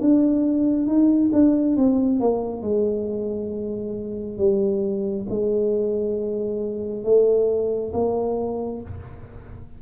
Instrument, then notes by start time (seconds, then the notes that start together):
tuba
0.00 D4
0.87 D#4
1.32 D4
1.76 C4
2.19 A#3
2.62 G#3
4.38 G3
5.29 G#3
7.04 A3
7.93 A#3